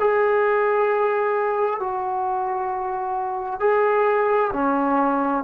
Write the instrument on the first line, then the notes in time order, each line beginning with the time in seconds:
trombone
0.00 G#4
1.80 F#4
3.60 G#4
4.53 C#4